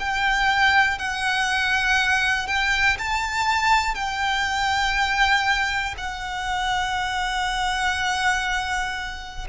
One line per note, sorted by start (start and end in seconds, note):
0.00 0.99 G5
0.99 2.48 F#5
2.48 2.98 G5
2.99 3.95 A5
3.95 5.95 G5
5.98 9.48 F#5